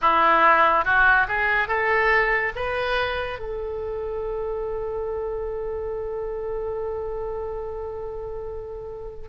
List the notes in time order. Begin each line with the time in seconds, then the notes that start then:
0.01 E4
0.85 F#4
1.28 G#4
1.67 A4
2.55 B4
3.39 A4